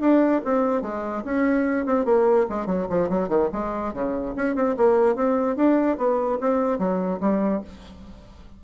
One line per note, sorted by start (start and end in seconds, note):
0.00 0.41 D4
0.45 0.82 C4
0.82 1.23 G#3
1.24 1.85 C#4
1.85 2.05 C4
2.05 2.46 A#3
2.49 2.66 G#3
2.66 2.87 F#3
2.89 3.09 F3
3.09 3.29 F#3
3.29 3.49 D#3
3.52 3.93 G#3
3.93 4.34 C#3
4.36 4.55 C#4
4.55 4.76 C4
4.77 5.15 A#3
5.15 5.56 C4
5.56 5.97 D4
5.97 6.38 B3
6.40 6.79 C4
6.79 7.20 F#3
7.20 7.61 G3